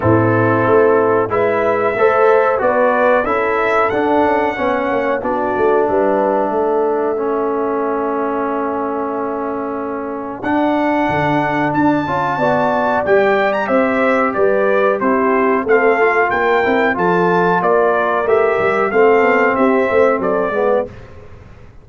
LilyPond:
<<
  \new Staff \with { instrumentName = "trumpet" } { \time 4/4 \tempo 4 = 92 a'2 e''2 | d''4 e''4 fis''2 | d''4 e''2.~ | e''1 |
fis''2 a''2 | g''8. ais''16 e''4 d''4 c''4 | f''4 g''4 a''4 d''4 | e''4 f''4 e''4 d''4 | }
  \new Staff \with { instrumentName = "horn" } { \time 4/4 e'2 b'4 c''4 | b'4 a'2 cis''4 | fis'4 b'4 a'2~ | a'1~ |
a'2. d''4~ | d''4 c''4 b'4 g'4 | a'4 ais'4 a'4 ais'4~ | ais'4 a'4 g'8 c''8 a'8 b'8 | }
  \new Staff \with { instrumentName = "trombone" } { \time 4/4 c'2 e'4 a'4 | fis'4 e'4 d'4 cis'4 | d'2. cis'4~ | cis'1 |
d'2~ d'8 f'8 fis'4 | g'2. e'4 | c'8 f'4 e'8 f'2 | g'4 c'2~ c'8 b8 | }
  \new Staff \with { instrumentName = "tuba" } { \time 4/4 a,4 a4 gis4 a4 | b4 cis'4 d'8 cis'8 b8 ais8 | b8 a8 g4 a2~ | a1 |
d'4 d4 d'8 cis'8 b4 | g4 c'4 g4 c'4 | a4 ais8 c'8 f4 ais4 | a8 g8 a8 b8 c'8 a8 fis8 gis8 | }
>>